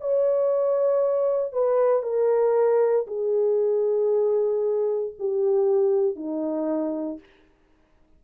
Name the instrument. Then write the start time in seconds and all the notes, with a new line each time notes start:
horn
0.00 C#5
1.52 B4
2.02 A#4
3.07 G#4
5.19 G4
6.16 D#4